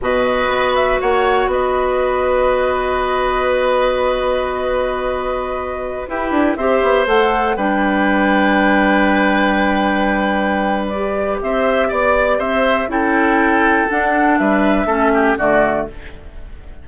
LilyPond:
<<
  \new Staff \with { instrumentName = "flute" } { \time 4/4 \tempo 4 = 121 dis''4. e''8 fis''4 dis''4~ | dis''1~ | dis''1~ | dis''16 b'4 e''4 fis''4 g''8.~ |
g''1~ | g''2 d''4 e''4 | d''4 e''4 g''2 | fis''4 e''2 d''4 | }
  \new Staff \with { instrumentName = "oboe" } { \time 4/4 b'2 cis''4 b'4~ | b'1~ | b'1~ | b'16 g'4 c''2 b'8.~ |
b'1~ | b'2. c''4 | d''4 c''4 a'2~ | a'4 b'4 a'8 g'8 fis'4 | }
  \new Staff \with { instrumentName = "clarinet" } { \time 4/4 fis'1~ | fis'1~ | fis'1~ | fis'16 e'4 g'4 a'4 d'8.~ |
d'1~ | d'2 g'2~ | g'2 e'2 | d'2 cis'4 a4 | }
  \new Staff \with { instrumentName = "bassoon" } { \time 4/4 b,4 b4 ais4 b4~ | b1~ | b1~ | b16 e'8 d'8 c'8 b8 a4 g8.~ |
g1~ | g2. c'4 | b4 c'4 cis'2 | d'4 g4 a4 d4 | }
>>